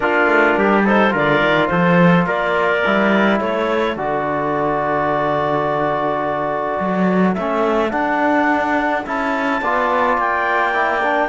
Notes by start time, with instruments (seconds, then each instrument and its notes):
0.00 cello A#3, trombone D4, trumpet F4, clarinet A#4
0.26 cello A3
0.57 cello G3, trumpet G4
0.85 trombone D#4, trumpet A4, clarinet C5
1.10 cello D3, trombone F4, trumpet A#4, clarinet D5
1.41 cello D#3
1.67 cello F3, trumpet A4, clarinet C5
2.26 cello A#3, trumpet A#4, clarinet D5
2.85 cello G3, trombone E4
3.39 cello A3, trumpet A4, clarinet C#5
3.96 cello D3, trombone F#4, clarinet D5
6.79 cello F#3
7.34 cello A3, trombone C#4, clarinet E5
7.90 trombone D4, cello D4, clarinet F#5
9.06 cello C#4, trombone E4, clarinet A5
9.61 cello B3, trombone F4, trumpet D5
10.17 cello A#3, clarinet G5
10.73 trombone E4
11.01 trombone D4